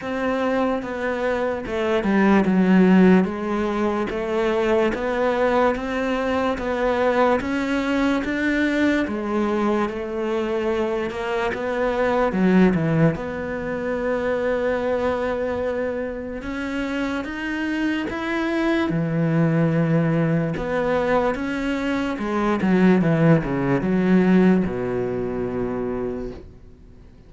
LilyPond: \new Staff \with { instrumentName = "cello" } { \time 4/4 \tempo 4 = 73 c'4 b4 a8 g8 fis4 | gis4 a4 b4 c'4 | b4 cis'4 d'4 gis4 | a4. ais8 b4 fis8 e8 |
b1 | cis'4 dis'4 e'4 e4~ | e4 b4 cis'4 gis8 fis8 | e8 cis8 fis4 b,2 | }